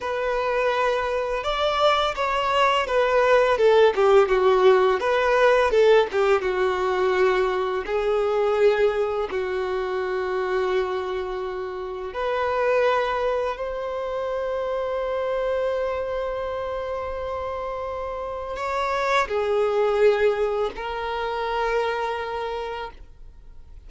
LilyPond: \new Staff \with { instrumentName = "violin" } { \time 4/4 \tempo 4 = 84 b'2 d''4 cis''4 | b'4 a'8 g'8 fis'4 b'4 | a'8 g'8 fis'2 gis'4~ | gis'4 fis'2.~ |
fis'4 b'2 c''4~ | c''1~ | c''2 cis''4 gis'4~ | gis'4 ais'2. | }